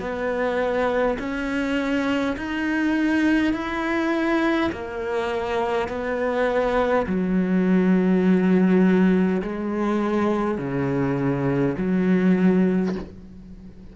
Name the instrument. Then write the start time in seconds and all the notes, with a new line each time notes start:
cello
0.00 B3
1.19 C#4
2.37 D#4
3.53 E4
4.72 A#3
5.88 B3
7.06 F#3
9.42 G#3
10.58 C#3
11.78 F#3